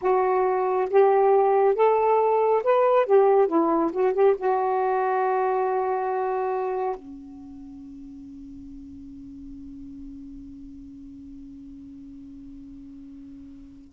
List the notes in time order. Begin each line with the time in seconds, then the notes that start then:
0.01 F#4
0.90 G4
1.75 A4
2.63 B4
3.06 G4
3.47 E4
3.92 F#4
4.13 G4
4.37 F#4
6.96 C#4